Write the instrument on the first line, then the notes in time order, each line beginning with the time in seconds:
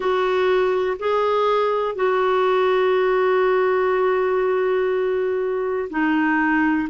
clarinet
0.00 F#4
0.99 G#4
1.95 F#4
5.90 D#4